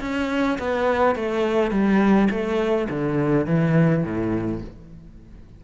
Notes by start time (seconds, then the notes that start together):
0.00 C#4
0.58 B3
1.15 A3
1.71 G3
2.30 A3
2.89 D3
3.46 E3
4.04 A2